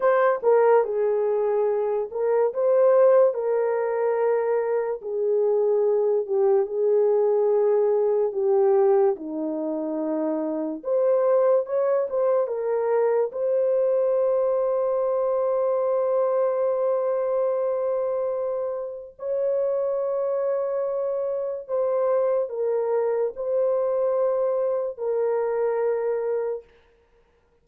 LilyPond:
\new Staff \with { instrumentName = "horn" } { \time 4/4 \tempo 4 = 72 c''8 ais'8 gis'4. ais'8 c''4 | ais'2 gis'4. g'8 | gis'2 g'4 dis'4~ | dis'4 c''4 cis''8 c''8 ais'4 |
c''1~ | c''2. cis''4~ | cis''2 c''4 ais'4 | c''2 ais'2 | }